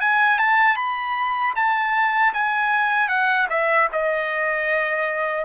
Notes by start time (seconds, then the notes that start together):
0.00 G#5
0.39 A5
0.76 B5
1.55 A5
2.33 G#5
3.08 F#5
3.49 E5
3.92 D#5